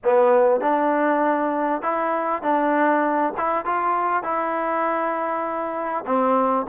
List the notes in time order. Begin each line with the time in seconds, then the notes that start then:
0.04 B3
0.60 D4
1.82 E4
2.42 D4
3.37 E4
3.65 F4
4.23 E4
6.06 C4